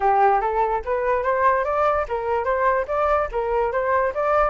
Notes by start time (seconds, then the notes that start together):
0.00 G4
0.41 A4
0.84 B4
1.23 C5
1.64 D5
2.08 A#4
2.44 C5
2.87 D5
3.31 A#4
3.72 C5
4.14 D5